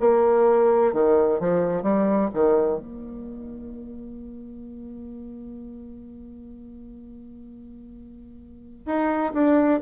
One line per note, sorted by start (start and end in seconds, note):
0.00 0.93 A#3
0.93 1.40 D#3
1.40 1.83 F3
1.83 2.30 G3
2.34 2.79 D#3
2.79 8.86 A#3
8.86 9.33 D#4
9.33 9.80 D4